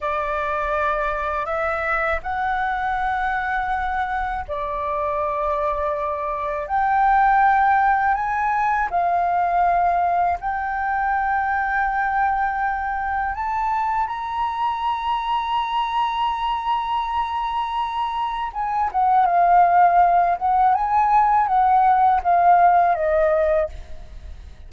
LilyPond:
\new Staff \with { instrumentName = "flute" } { \time 4/4 \tempo 4 = 81 d''2 e''4 fis''4~ | fis''2 d''2~ | d''4 g''2 gis''4 | f''2 g''2~ |
g''2 a''4 ais''4~ | ais''1~ | ais''4 gis''8 fis''8 f''4. fis''8 | gis''4 fis''4 f''4 dis''4 | }